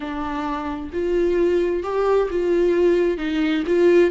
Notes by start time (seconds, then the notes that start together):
0.00 D4
0.92 F4
1.83 G4
2.30 F4
3.17 D#4
3.66 F4